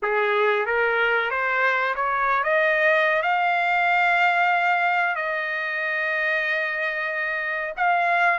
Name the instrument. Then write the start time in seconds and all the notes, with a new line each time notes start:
trumpet
0.02 G#4
0.66 A#4
1.30 C5
1.95 C#5
2.43 D#5
3.22 F5
5.15 D#5
7.76 F5